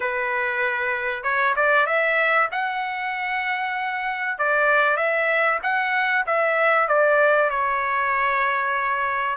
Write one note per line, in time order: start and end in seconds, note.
0.00 1.23 B4
1.23 1.54 C#5
1.55 1.86 D5
1.86 2.48 E5
2.51 4.38 F#5
4.38 4.96 D5
4.96 5.59 E5
5.62 6.25 F#5
6.26 6.88 E5
6.88 7.50 D5
7.50 9.36 C#5